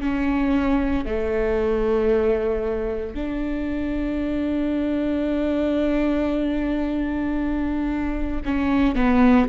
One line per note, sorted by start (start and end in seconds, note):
0.00 1.05 C#4
1.05 3.14 A3
3.14 8.41 D4
8.45 8.95 C#4
8.95 9.47 B3